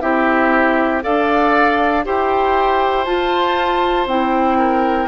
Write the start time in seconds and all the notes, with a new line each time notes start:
0.00 C4 E4 G4 E5
1.01 D4 A4 D5 F5
2.04 E4 G4 C5 G5
3.04 F4 A5
4.06 C4 E4 G5
4.58 A#4